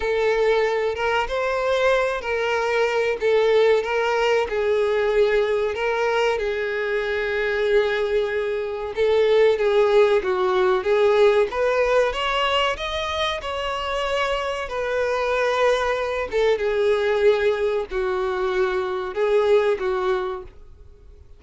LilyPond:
\new Staff \with { instrumentName = "violin" } { \time 4/4 \tempo 4 = 94 a'4. ais'8 c''4. ais'8~ | ais'4 a'4 ais'4 gis'4~ | gis'4 ais'4 gis'2~ | gis'2 a'4 gis'4 |
fis'4 gis'4 b'4 cis''4 | dis''4 cis''2 b'4~ | b'4. a'8 gis'2 | fis'2 gis'4 fis'4 | }